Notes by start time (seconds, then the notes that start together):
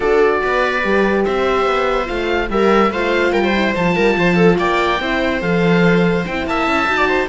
0.00 D4 F#4 A4 D5
0.42 B3 B4
0.82 G3 G4
1.24 C4 C5 E5
1.66 B3
2.05 A3 F4 F5
2.49 G3 G4 A#4 E5
2.90 A3 F4 C5 F5
3.32 G3 A#4 G5
3.43 C5
3.54 E4
3.75 F3 F4 A5
3.95 G3 A#4
4.17 F3 C5
4.35 A4
4.58 A#3 D5 G5
4.99 C4 E4 C5
5.40 F3 A4 F5
6.25 C4 E4 G5
6.46 A#3 E5 A5
6.66 C#4
6.87 D#4 F#4
6.97 D5
7.08 C5